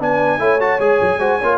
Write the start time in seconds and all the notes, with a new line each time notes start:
0.00 B3 D4 B4 G#5
0.39 A3 E4 C#5
0.60 F#4 A5
0.80 G#3 G#4 G#5
1.02 F#3
1.19 G#3 F#4 C5
1.39 A#3 F4 C#5